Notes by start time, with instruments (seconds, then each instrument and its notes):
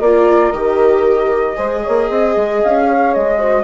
0.00 bassoon A#3, viola F4, horn A#4, flute D5
0.51 bassoon D#3, viola G4, flute D#5
1.55 bassoon G#3, viola G#4, horn C5
1.82 bassoon A#3, horn C#5
2.09 bassoon C4, horn D#5
2.36 bassoon G#3
2.62 bassoon C#4, flute F5
2.86 horn C#5
3.13 bassoon G#3, flute D#5
3.37 viola F#4, horn C5